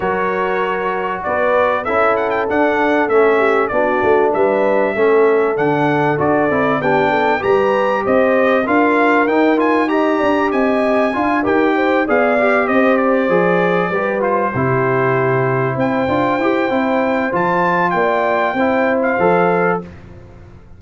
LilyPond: <<
  \new Staff \with { instrumentName = "trumpet" } { \time 4/4 \tempo 4 = 97 cis''2 d''4 e''8 fis''16 g''16 | fis''4 e''4 d''4 e''4~ | e''4 fis''4 d''4 g''4 | ais''4 dis''4 f''4 g''8 gis''8 |
ais''4 gis''4. g''4 f''8~ | f''8 dis''8 d''2 c''4~ | c''4. g''2~ g''8 | a''4 g''4.~ g''16 f''4~ f''16 | }
  \new Staff \with { instrumentName = "horn" } { \time 4/4 ais'2 b'4 a'4~ | a'4. g'8 fis'4 b'4 | a'2. g'8 a'8 | b'4 c''4 ais'2 |
dis''8 d''8 dis''4 f''8 ais'8 c''8 d''8~ | d''8 c''2 b'4 g'8~ | g'4. c''2~ c''8~ | c''4 d''4 c''2 | }
  \new Staff \with { instrumentName = "trombone" } { \time 4/4 fis'2. e'4 | d'4 cis'4 d'2 | cis'4 d'4 fis'8 e'8 d'4 | g'2 f'4 dis'8 f'8 |
g'2 f'8 g'4 gis'8 | g'4. gis'4 g'8 f'8 e'8~ | e'2 f'8 g'8 e'4 | f'2 e'4 a'4 | }
  \new Staff \with { instrumentName = "tuba" } { \time 4/4 fis2 b4 cis'4 | d'4 a4 b8 a8 g4 | a4 d4 d'8 c'8 b4 | g4 c'4 d'4 dis'4~ |
dis'8 d'8 c'4 d'8 dis'4 b8~ | b8 c'4 f4 g4 c8~ | c4. c'8 d'8 e'8 c'4 | f4 ais4 c'4 f4 | }
>>